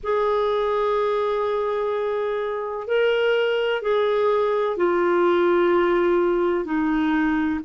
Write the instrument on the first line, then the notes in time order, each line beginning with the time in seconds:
clarinet
0.03 G#4
2.87 A#4
3.82 G#4
4.77 F4
6.65 D#4